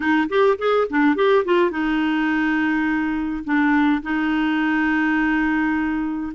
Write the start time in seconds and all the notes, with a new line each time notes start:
0.00 D#4
0.29 G4
0.58 G#4
0.89 D4
1.15 G4
1.44 F4
1.70 D#4
3.44 D4
4.02 D#4